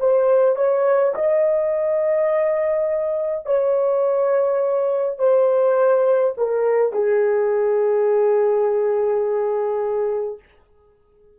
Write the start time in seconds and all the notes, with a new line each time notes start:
0.00 C5
0.56 C#5
1.15 D#5
3.46 C#5
5.19 C5
6.38 A#4
6.93 G#4